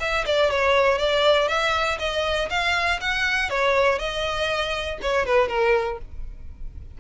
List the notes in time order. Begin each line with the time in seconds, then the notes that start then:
0.00 E5
0.26 D5
0.50 C#5
0.98 D5
1.48 E5
1.99 D#5
2.50 F5
3.01 F#5
3.50 C#5
3.98 D#5
5.02 C#5
5.26 B4
5.48 A#4